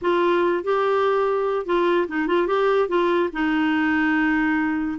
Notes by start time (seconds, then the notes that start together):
0.01 F4
0.63 G4
1.66 F4
2.07 D#4
2.27 F4
2.47 G4
2.88 F4
3.32 D#4